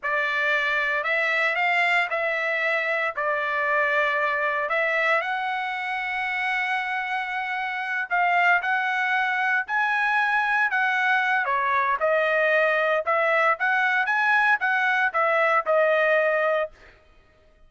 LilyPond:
\new Staff \with { instrumentName = "trumpet" } { \time 4/4 \tempo 4 = 115 d''2 e''4 f''4 | e''2 d''2~ | d''4 e''4 fis''2~ | fis''2.~ fis''8 f''8~ |
f''8 fis''2 gis''4.~ | gis''8 fis''4. cis''4 dis''4~ | dis''4 e''4 fis''4 gis''4 | fis''4 e''4 dis''2 | }